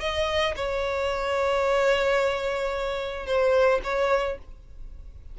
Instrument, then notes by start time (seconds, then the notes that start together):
violin
0.00 D#5
0.56 C#5
3.26 C5
3.84 C#5